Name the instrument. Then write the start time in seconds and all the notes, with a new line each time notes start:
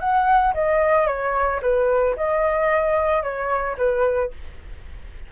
flute
0.00 F#5
0.54 D#5
1.07 C#5
1.62 B4
2.16 D#5
3.23 C#5
3.77 B4